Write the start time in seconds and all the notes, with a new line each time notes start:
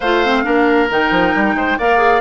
0.00 A3 F4 C5 F5
0.25 C4
0.43 A#3 D4 A#4
0.90 D#3 D#4 G5
1.10 F3
1.35 G3
1.54 G#3 C5
1.78 A#3 A#4 D5 F5
1.97 G#4